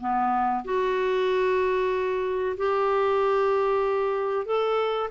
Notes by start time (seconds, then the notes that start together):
0.00 B3
0.65 F#4
2.57 G4
4.46 A4